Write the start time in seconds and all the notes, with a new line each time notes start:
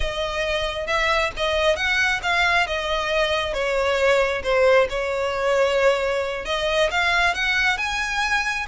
0.00 D#5
0.86 E5
1.37 D#5
1.76 F#5
2.22 F5
2.66 D#5
3.53 C#5
4.43 C5
4.89 C#5
6.45 D#5
6.91 F5
7.34 F#5
7.77 G#5